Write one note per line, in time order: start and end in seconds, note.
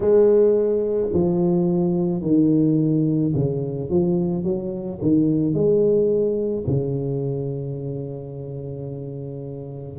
0.00 1.08 G#3
1.13 2.22 F3
2.22 3.33 D#3
3.34 3.89 C#3
3.89 4.43 F3
4.43 4.99 F#3
5.01 5.54 D#3
5.54 6.65 G#3
6.67 9.98 C#3